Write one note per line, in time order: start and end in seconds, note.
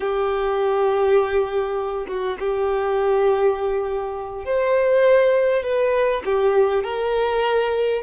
0.00 2.06 G4
2.07 2.37 F#4
2.39 4.45 G4
4.45 5.63 C5
5.63 6.22 B4
6.25 6.83 G4
6.83 8.02 A#4